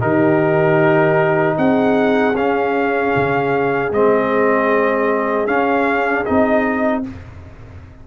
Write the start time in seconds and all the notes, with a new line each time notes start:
0.00 D#3 D#4 G4 A#4
1.57 C4 G#4 F#5
2.34 C#4 F5
3.16 C#3
3.91 G#3 C4 D#5
5.47 C#4 F5
6.25 C4 D#4 D#5